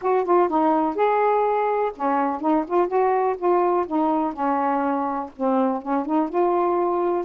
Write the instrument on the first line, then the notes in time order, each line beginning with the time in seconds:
saxophone
0.01 F#4
0.24 F4
0.48 D#4
0.95 G#4
1.96 C#4
2.40 D#4
2.67 F4
2.87 F#4
3.37 F4
3.87 D#4
4.33 C#4
5.36 C4
5.82 C#4
6.05 D#4
6.29 F4